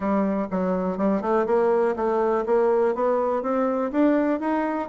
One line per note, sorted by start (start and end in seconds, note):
0.00 0.47 G3
0.51 0.97 F#3
0.97 1.21 G3
1.21 1.46 A3
1.46 1.95 A#3
1.96 2.45 A3
2.46 2.94 A#3
2.94 3.42 B3
3.42 3.91 C4
3.91 4.40 D4
4.40 4.88 D#4